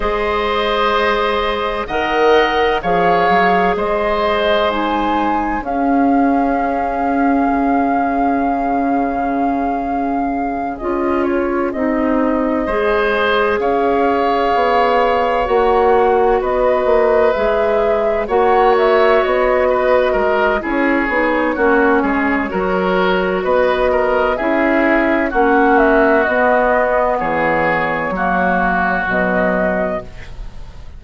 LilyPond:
<<
  \new Staff \with { instrumentName = "flute" } { \time 4/4 \tempo 4 = 64 dis''2 fis''4 f''4 | dis''4 gis''4 f''2~ | f''2.~ f''8 dis''8 | cis''8 dis''2 f''4.~ |
f''8 fis''4 dis''4 e''4 fis''8 | e''8 dis''4. cis''2~ | cis''4 dis''4 e''4 fis''8 e''8 | dis''4 cis''2 dis''4 | }
  \new Staff \with { instrumentName = "oboe" } { \time 4/4 c''2 dis''4 cis''4 | c''2 gis'2~ | gis'1~ | gis'4. c''4 cis''4.~ |
cis''4. b'2 cis''8~ | cis''4 b'8 ais'8 gis'4 fis'8 gis'8 | ais'4 b'8 ais'8 gis'4 fis'4~ | fis'4 gis'4 fis'2 | }
  \new Staff \with { instrumentName = "clarinet" } { \time 4/4 gis'2 ais'4 gis'4~ | gis'4 dis'4 cis'2~ | cis'2.~ cis'8 f'8~ | f'8 dis'4 gis'2~ gis'8~ |
gis'8 fis'2 gis'4 fis'8~ | fis'2 e'8 dis'8 cis'4 | fis'2 e'4 cis'4 | b2 ais4 fis4 | }
  \new Staff \with { instrumentName = "bassoon" } { \time 4/4 gis2 dis4 f8 fis8 | gis2 cis'2 | cis2.~ cis8 cis'8~ | cis'8 c'4 gis4 cis'4 b8~ |
b8 ais4 b8 ais8 gis4 ais8~ | ais8 b4 gis8 cis'8 b8 ais8 gis8 | fis4 b4 cis'4 ais4 | b4 e4 fis4 b,4 | }
>>